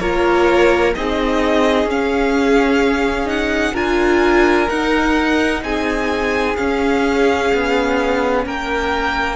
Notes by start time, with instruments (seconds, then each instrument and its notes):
0.00 cello A#3, viola F4, violin A#4 C#5
0.95 cello C4, viola D#4, violin G#4 D#5
1.84 cello C#4, viola C#4
1.91 violin F5
3.26 viola D#4, violin F#5
3.74 cello D4, viola F4, violin A#4 G#5
4.69 viola D#4, cello D#4, violin F#5
5.63 cello C4, violin G#4 G#5
6.57 viola C#4, cello C#4, violin F5
7.54 cello B3
8.46 cello A#3, violin A#4 G5